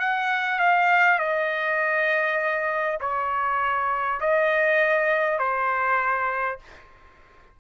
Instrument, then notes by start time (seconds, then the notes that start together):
trumpet
0.00 F#5
0.59 F5
1.19 D#5
3.01 C#5
4.21 D#5
5.39 C5